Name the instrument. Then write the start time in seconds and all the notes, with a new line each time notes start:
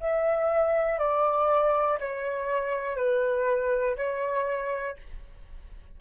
flute
0.00 E5
0.99 D5
2.00 C#5
2.96 B4
3.97 C#5